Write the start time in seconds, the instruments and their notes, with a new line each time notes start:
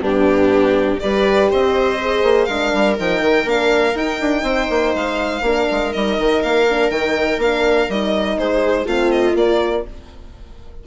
0.00 bassoon G2, horn B3, viola D4, violin G4
0.99 bassoon G3, horn G4, viola B4, violin D5
1.50 bassoon C4, viola C5, violin D#5
2.01 horn G#4
2.22 bassoon A#3
2.44 bassoon G#3, horn D4, viola A#4, violin F5
2.73 bassoon G3
2.96 bassoon F3, horn D#4, violin G5
3.20 bassoon D#3
3.45 bassoon A#3, horn D4, violin F5
3.94 bassoon D#4, horn D#4, violin G5
4.20 bassoon D4
4.42 bassoon C4, viola C5
4.69 bassoon A#3
4.94 bassoon G#3, violin F5
5.41 bassoon A#3, horn D4, viola A#4
5.71 bassoon G#3
5.92 bassoon G3, horn D#4, violin D#5
6.18 bassoon D#3
6.42 bassoon A#3, violin F5
6.69 horn D4
6.89 bassoon D#3, horn D#4, violin G5
7.37 bassoon A#3, horn D4, violin F5
7.88 bassoon G3, horn D#4, violin D#5
8.37 bassoon G#3, viola G#4, violin C5
8.85 bassoon A3, horn C4, viola F4, violin F5
9.11 violin D#5
9.32 horn A#3, bassoon A#3, violin D5